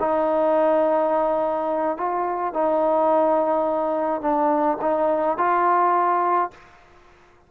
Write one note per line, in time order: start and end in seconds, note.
0.00 1.98 D#4
1.98 2.54 F4
2.54 4.22 D#4
4.22 4.78 D4
4.82 5.38 D#4
5.38 6.51 F4